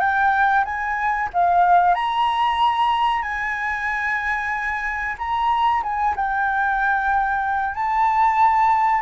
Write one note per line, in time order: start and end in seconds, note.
0.00 0.65 G5
0.65 1.30 G#5
1.34 1.95 F5
1.95 3.23 A#5
3.23 5.16 G#5
5.18 5.83 A#5
5.83 6.16 G#5
6.16 7.75 G5
7.75 9.02 A5